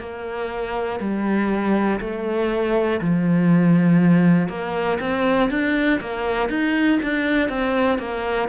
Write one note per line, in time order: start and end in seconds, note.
0.00 1.00 A#3
1.00 2.00 G3
2.00 3.00 A3
3.01 4.49 F3
4.49 4.99 A#3
5.00 5.50 C4
5.50 6.00 D4
6.00 6.50 A#3
6.50 7.00 D#4
7.03 7.49 D4
7.49 7.99 C4
7.99 8.49 A#3